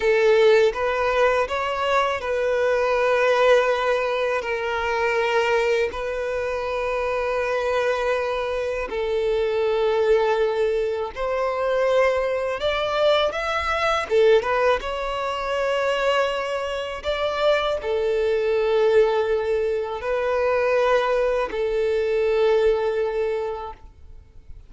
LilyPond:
\new Staff \with { instrumentName = "violin" } { \time 4/4 \tempo 4 = 81 a'4 b'4 cis''4 b'4~ | b'2 ais'2 | b'1 | a'2. c''4~ |
c''4 d''4 e''4 a'8 b'8 | cis''2. d''4 | a'2. b'4~ | b'4 a'2. | }